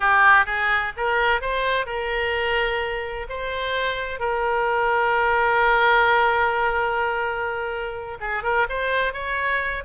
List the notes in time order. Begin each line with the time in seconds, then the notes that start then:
0.00 G4
0.45 G#4
0.97 A#4
1.41 C5
1.86 A#4
3.29 C5
4.19 A#4
8.20 G#4
8.43 A#4
8.69 C5
9.13 C#5